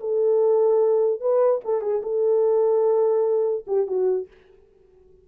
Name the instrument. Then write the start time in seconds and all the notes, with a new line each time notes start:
horn
0.00 A4
1.21 B4
1.65 A4
1.82 G#4
2.03 A4
3.67 G4
3.87 F#4